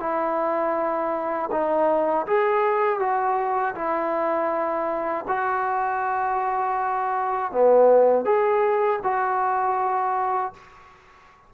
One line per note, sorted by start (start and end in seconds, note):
0.00 1.50 E4
1.52 2.27 D#4
2.27 3.00 G#4
3.00 3.75 F#4
3.75 5.25 E4
5.28 7.52 F#4
7.52 8.25 B3
8.25 9.00 G#4
9.04 10.54 F#4